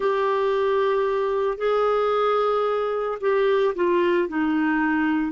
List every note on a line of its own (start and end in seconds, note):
0.00 1.57 G4
1.57 3.18 G#4
3.20 3.74 G4
3.75 4.28 F4
4.28 5.32 D#4